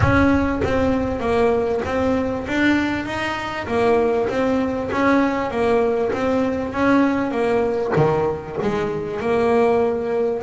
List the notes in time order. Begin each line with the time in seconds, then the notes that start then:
0.00 C#4
0.63 C4
1.20 A#3
1.85 C4
2.47 D4
3.05 D#4
3.67 A#3
4.29 C4
4.91 C#4
5.50 A#3
6.12 C4
6.73 C#4
7.31 A#3
7.96 D#3
8.62 G#3
9.20 A#3